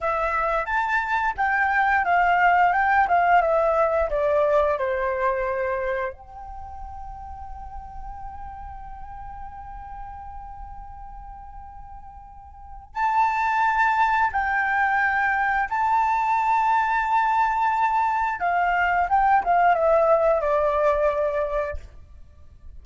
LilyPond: \new Staff \with { instrumentName = "flute" } { \time 4/4 \tempo 4 = 88 e''4 a''4 g''4 f''4 | g''8 f''8 e''4 d''4 c''4~ | c''4 g''2.~ | g''1~ |
g''2. a''4~ | a''4 g''2 a''4~ | a''2. f''4 | g''8 f''8 e''4 d''2 | }